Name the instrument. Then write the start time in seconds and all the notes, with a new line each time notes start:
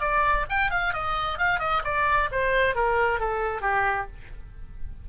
oboe
0.00 D5
0.49 G5
0.70 F5
0.93 D#5
1.38 F5
1.59 D#5
1.84 D5
2.31 C5
2.75 A#4
3.19 A4
3.61 G4